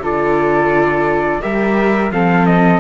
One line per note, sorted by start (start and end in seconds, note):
0.00 1.40 D3
0.00 1.42 F4
0.00 1.42 A4
0.00 1.42 D5
1.42 2.11 G3
1.42 2.11 G4
1.42 2.13 A#4
1.42 2.12 E5
2.11 2.81 F3
2.11 2.81 C4
2.11 2.81 A4
2.11 2.47 F5
2.47 2.81 D#5